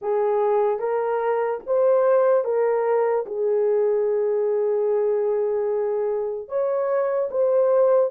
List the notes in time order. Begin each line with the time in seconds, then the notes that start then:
0.01 G#4
0.79 A#4
1.66 C5
2.44 A#4
3.26 G#4
6.48 C#5
7.30 C5